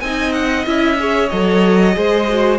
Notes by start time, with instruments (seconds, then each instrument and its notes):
0.00 cello C4, viola D#4, violin D#5 G#5
0.32 violin F#5
0.65 cello C#4, viola E4, violin E5
0.98 viola G#4, violin C#5
1.29 cello F#3, viola A4, violin D#5
1.92 cello G#3, viola G#4, violin C5
2.29 viola F#4